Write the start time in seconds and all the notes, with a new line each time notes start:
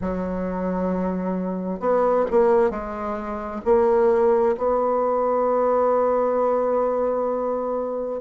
0.01 F#3
1.79 B3
2.30 A#3
2.70 G#3
3.64 A#3
4.57 B3